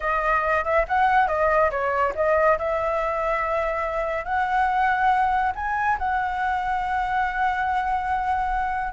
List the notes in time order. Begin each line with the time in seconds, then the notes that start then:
0.00 D#5
0.64 E5
0.88 F#5
1.27 D#5
1.70 C#5
2.15 D#5
2.58 E5
4.24 F#5
5.55 G#5
5.98 F#5